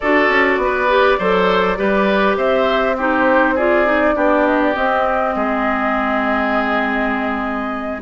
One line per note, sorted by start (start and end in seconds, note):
0.00 0.28 D4
0.00 0.88 F#4
0.00 0.60 A4
0.00 2.35 D5
0.28 0.57 C#4
0.57 1.16 B3
0.63 1.18 B4
0.88 1.18 G4
1.18 1.78 F#3
1.18 1.76 A4
1.18 1.78 C5
1.76 2.36 G3
1.76 2.95 G4
1.76 2.37 B4
2.36 4.14 C4
2.36 2.96 C5
2.36 2.97 E5
2.97 3.58 D#4
2.97 3.54 G4
2.97 3.57 C5
3.54 3.85 F4
3.54 4.14 G#4
3.54 4.46 D5
3.85 4.14 D#4
4.14 4.75 B3
4.14 4.74 D4
4.14 5.34 G4
4.46 4.60 D#5
4.61 4.75 D5
4.74 8.00 C4
4.74 5.35 C4
4.74 8.01 D#5
5.35 8.01 G#3
5.35 8.01 G#4